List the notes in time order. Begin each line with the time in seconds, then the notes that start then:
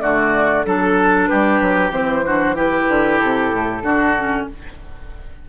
0.00 D3 A3 F#4 D5
0.65 F#3 D4 A4
1.27 G3 G4 B4
1.61 F#3
1.91 E3 C4 C5
2.26 D4 F#4
2.56 E4 G4 B4
2.88 D3
3.19 C3 A4
3.52 A2
3.83 D3 D4 F#4
4.18 C#4